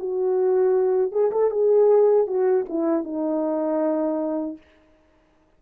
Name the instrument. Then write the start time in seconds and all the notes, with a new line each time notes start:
horn
0.00 F#4
1.12 G#4
1.32 A4
1.51 G#4
2.28 F#4
2.69 E4
3.04 D#4